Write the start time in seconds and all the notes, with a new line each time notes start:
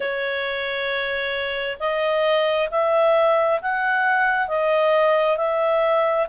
0.00 C#5
1.79 D#5
2.70 E5
3.61 F#5
4.48 D#5
5.37 E5